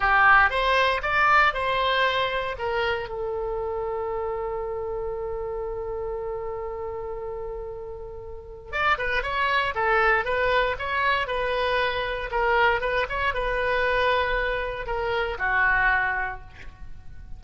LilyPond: \new Staff \with { instrumentName = "oboe" } { \time 4/4 \tempo 4 = 117 g'4 c''4 d''4 c''4~ | c''4 ais'4 a'2~ | a'1~ | a'1~ |
a'4 d''8 b'8 cis''4 a'4 | b'4 cis''4 b'2 | ais'4 b'8 cis''8 b'2~ | b'4 ais'4 fis'2 | }